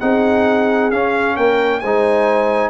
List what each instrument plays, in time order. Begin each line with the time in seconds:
0.00 tuba C4, trombone D#4, horn G#4, trumpet F#5
0.91 tuba C#4, trombone C#4, trumpet F5
1.36 tuba A#3, horn A#4, trumpet G5
1.80 tuba G#3, horn C5, trumpet G#5
1.86 trombone D#4